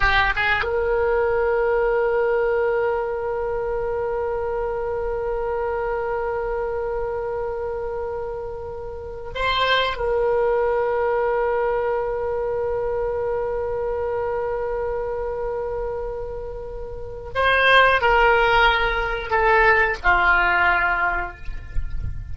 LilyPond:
\new Staff \with { instrumentName = "oboe" } { \time 4/4 \tempo 4 = 90 g'8 gis'8 ais'2.~ | ais'1~ | ais'1~ | ais'2 c''4 ais'4~ |
ais'1~ | ais'1~ | ais'2 c''4 ais'4~ | ais'4 a'4 f'2 | }